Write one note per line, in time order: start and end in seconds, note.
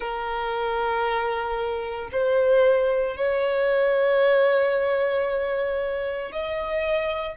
0.00 2.09 A#4
2.11 3.16 C5
3.16 6.32 C#5
6.32 7.36 D#5